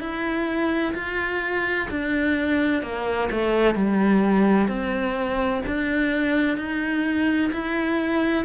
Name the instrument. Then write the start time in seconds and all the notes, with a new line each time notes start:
cello
0.00 E4
0.94 F4
1.90 D4
2.82 A#3
3.31 A3
3.75 G3
4.68 C4
5.66 D4
6.57 D#4
7.52 E4